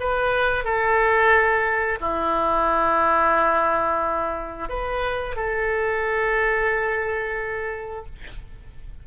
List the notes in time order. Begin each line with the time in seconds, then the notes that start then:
0.00 B4
0.64 A4
2.00 E4
4.69 B4
5.36 A4